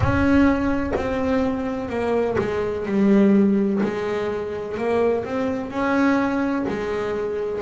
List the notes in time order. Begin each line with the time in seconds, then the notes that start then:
0.00 C#4
0.95 C4
1.89 A#3
2.38 G#3
2.86 G3
3.83 G#3
4.77 A#3
5.24 C4
5.70 C#4
6.68 G#3